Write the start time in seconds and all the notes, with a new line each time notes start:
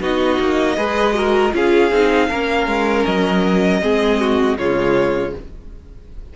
0.00 B3 D#4 F#4 D#5
0.39 A#3
0.76 G#3 G#4 B4
1.13 F#4 A#4
1.52 C#4 F4 G#4 F5
1.92 C4 D#4
2.29 A#3 C#4 A#4
2.66 G#3
3.05 F#3 D#5
3.81 G#3 C4 G#4
4.20 F#4
4.57 C#3 G#3 F4 C#5